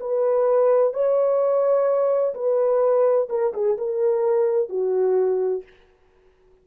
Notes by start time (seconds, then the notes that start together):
0.00 B4
0.93 C#5
2.34 B4
3.29 A#4
3.53 G#4
3.77 A#4
4.69 F#4